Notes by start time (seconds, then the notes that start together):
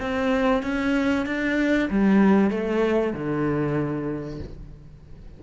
0.00 C4
0.63 C#4
1.26 D4
1.90 G3
2.50 A3
3.13 D3